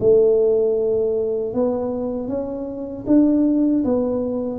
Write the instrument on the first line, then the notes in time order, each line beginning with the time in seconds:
tuba
0.00 A3
1.54 B3
2.28 C#4
3.07 D4
3.85 B3